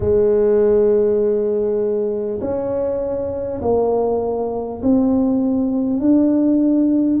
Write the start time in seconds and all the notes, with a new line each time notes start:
0.00 G#3
2.40 C#4
3.61 A#3
4.82 C4
6.00 D4